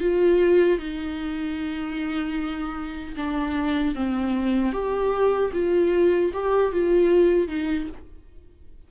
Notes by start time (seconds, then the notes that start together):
0.00 F4
0.78 D#4
3.16 D4
3.95 C4
4.72 G4
5.53 F4
6.33 G4
6.72 F4
7.48 D#4